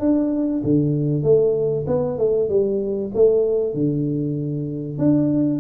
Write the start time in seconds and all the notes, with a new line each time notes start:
0.00 D4
0.64 D3
1.23 A3
1.87 B3
2.18 A3
2.49 G3
3.15 A3
3.74 D3
4.98 D4